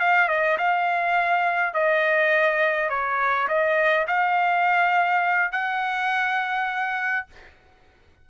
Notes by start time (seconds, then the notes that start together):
0.00 F5
0.29 D#5
0.58 F5
1.74 D#5
2.90 C#5
3.49 D#5
4.08 F5
5.52 F#5